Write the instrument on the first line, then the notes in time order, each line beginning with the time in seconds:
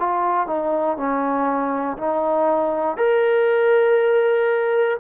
trombone
0.00 F4
0.47 D#4
0.98 C#4
1.98 D#4
2.97 A#4